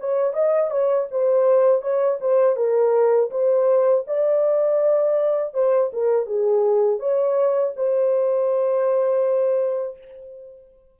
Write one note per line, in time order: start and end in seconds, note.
0.00 0.34 C#5
0.34 0.71 D#5
0.71 1.08 C#5
1.11 1.82 C5
1.82 2.19 C#5
2.21 2.57 C5
2.57 3.31 A#4
3.31 4.05 C5
4.07 5.54 D5
5.54 5.91 C5
5.93 6.26 A#4
6.26 7.00 G#4
7.00 7.74 C#5
7.76 9.99 C5